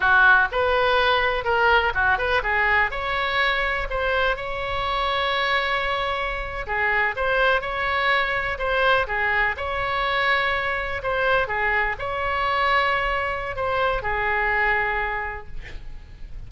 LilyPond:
\new Staff \with { instrumentName = "oboe" } { \time 4/4 \tempo 4 = 124 fis'4 b'2 ais'4 | fis'8 b'8 gis'4 cis''2 | c''4 cis''2.~ | cis''4.~ cis''16 gis'4 c''4 cis''16~ |
cis''4.~ cis''16 c''4 gis'4 cis''16~ | cis''2~ cis''8. c''4 gis'16~ | gis'8. cis''2.~ cis''16 | c''4 gis'2. | }